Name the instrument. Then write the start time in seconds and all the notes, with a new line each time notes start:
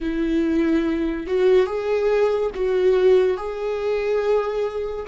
viola
0.00 E4
1.26 F#4
1.66 G#4
2.55 F#4
3.36 G#4